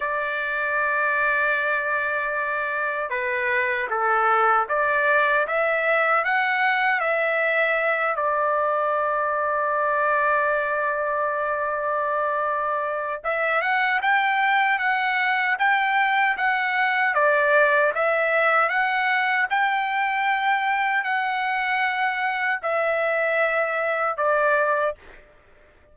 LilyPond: \new Staff \with { instrumentName = "trumpet" } { \time 4/4 \tempo 4 = 77 d''1 | b'4 a'4 d''4 e''4 | fis''4 e''4. d''4.~ | d''1~ |
d''4 e''8 fis''8 g''4 fis''4 | g''4 fis''4 d''4 e''4 | fis''4 g''2 fis''4~ | fis''4 e''2 d''4 | }